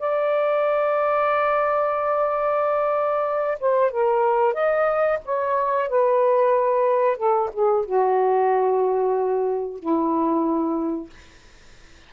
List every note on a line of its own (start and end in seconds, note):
0.00 3.59 D5
3.60 3.92 C5
3.92 4.54 A#4
4.54 5.19 D#5
5.25 5.90 C#5
5.90 7.17 B4
7.17 7.50 A4
7.54 7.86 G#4
7.86 9.80 F#4
9.80 11.10 E4